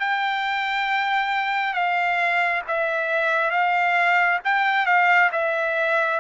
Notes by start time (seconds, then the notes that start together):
0.00 G5
1.74 F5
2.68 E5
3.51 F5
4.44 G5
4.86 F5
5.32 E5